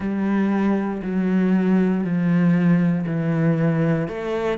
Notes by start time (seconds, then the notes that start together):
0.00 G3
1.02 F#3
2.03 F3
3.06 E3
4.07 A3